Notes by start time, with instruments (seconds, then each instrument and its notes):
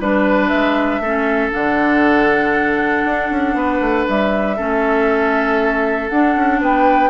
0.00 bassoon G3, clarinet D4, flute B4, oboe B4
0.48 bassoon G#3, flute E5
0.99 bassoon A3, clarinet C#4, oboe A4
1.51 bassoon D3, clarinet D4, flute F#5
3.05 bassoon D4
3.30 bassoon C#4
3.54 bassoon B3, oboe B4
3.80 bassoon A3
4.08 bassoon G3, flute E5
4.57 bassoon A3, clarinet C#4, oboe A4
6.09 bassoon D4, clarinet D4, flute F#5
6.36 bassoon C#4
6.60 bassoon B3, oboe B4, flute G5